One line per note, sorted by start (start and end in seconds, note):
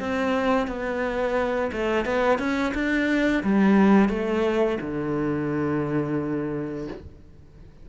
0.00 0.68 C4
0.68 1.71 B3
1.72 2.06 A3
2.06 2.39 B3
2.39 2.73 C#4
2.75 3.44 D4
3.44 4.09 G3
4.09 4.78 A3
4.81 6.88 D3